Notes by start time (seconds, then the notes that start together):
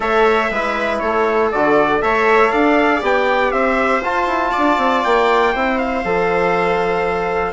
0.00 A3 A4 C#5 E5
0.50 G#3 E4 B4
0.99 A3 A4 C#5
1.51 D3 F#4 D5
2.01 A3 A4 C#5 E5
2.50 D4 D5 F5
3.00 B3 G4 G5
3.51 C4 C5 E5
4.01 F4 A5
4.26 E4
4.51 D4 D5
4.77 C4
5.03 A#3 G5
5.52 C4 E4 C5
5.78 F5
6.04 F3 A4